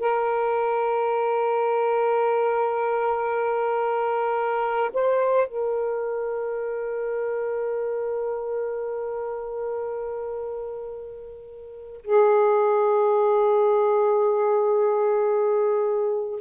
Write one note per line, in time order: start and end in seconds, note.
0.00 4.91 A#4
4.94 5.48 C5
5.48 12.02 A#4
12.04 16.41 G#4